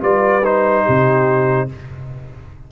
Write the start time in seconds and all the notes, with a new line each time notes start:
0.00 G3 F4 B4 D5
0.44 D#4 C5
0.85 C3 G4